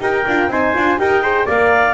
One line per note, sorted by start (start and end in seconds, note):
0.00 0.25 D#4
0.00 0.24 G4
0.00 0.50 A#4
0.00 0.51 G5
0.28 0.48 D4
0.28 0.51 F4
0.48 0.72 C4
0.48 0.75 D#4
0.48 0.99 C5
0.48 0.99 G#5
0.75 0.98 D4
0.75 0.98 F4
0.98 1.47 D#4
0.98 1.22 G4
0.98 1.23 A#4
0.98 1.47 G5
1.23 1.47 G#4
1.23 1.46 C5
1.46 1.94 A#3
1.46 1.94 A#4
1.46 1.94 D5
1.46 1.94 F5